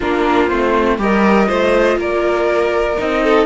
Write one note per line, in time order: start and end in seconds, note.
0.00 0.51 A#3
0.00 0.49 D4
0.00 0.99 F4
0.00 0.48 A#4
0.48 0.98 A3
0.48 0.98 C4
0.48 0.97 C5
0.98 1.48 G3
0.98 1.46 G4
0.98 1.48 A#4
0.98 2.00 D#5
1.46 1.96 A3
1.46 2.95 F4
1.46 1.97 C5
1.96 2.95 A#3
1.96 3.23 A#4
1.96 3.00 D5
2.97 3.45 C4
2.97 3.45 D#4
2.97 3.45 D#5
3.23 3.45 A4